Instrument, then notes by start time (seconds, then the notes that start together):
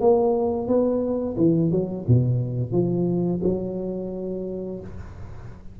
tuba
0.00 A#3
0.67 B3
1.37 E3
1.71 F#3
2.07 B2
2.72 F3
3.43 F#3